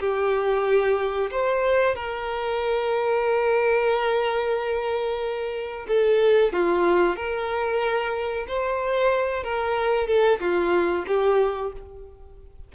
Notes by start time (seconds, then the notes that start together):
0.00 G4
1.31 C5
1.95 A#4
5.88 A4
6.53 F4
7.16 A#4
8.48 C5
9.44 A#4
10.07 A4
10.40 F4
11.07 G4